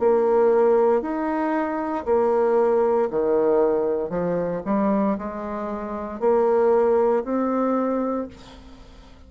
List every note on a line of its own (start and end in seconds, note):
0.00 1.02 A#3
1.02 2.05 D#4
2.05 3.09 A#3
3.11 4.10 D#3
4.10 4.62 F3
4.66 5.17 G3
5.19 6.20 G#3
6.20 7.24 A#3
7.25 8.28 C4